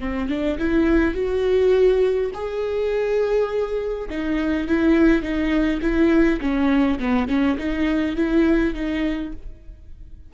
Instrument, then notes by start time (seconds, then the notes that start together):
viola
0.00 C4
0.29 D4
0.59 E4
1.15 F#4
2.34 G#4
4.10 D#4
4.68 E4
5.23 D#4
5.82 E4
6.41 C#4
7.00 B3
7.28 C#4
7.58 D#4
8.16 E4
8.74 D#4